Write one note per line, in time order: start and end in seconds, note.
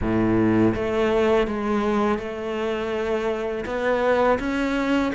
0.01 0.74 A2
0.74 1.47 A3
1.47 2.18 G#3
2.18 3.65 A3
3.66 4.39 B3
4.39 5.12 C#4